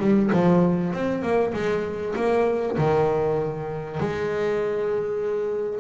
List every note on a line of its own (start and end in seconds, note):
0.00 0.31 G3
0.33 0.94 F3
0.94 1.23 C4
1.23 1.53 A#3
1.54 2.15 G#3
2.16 2.77 A#3
2.78 4.00 D#3
4.00 5.81 G#3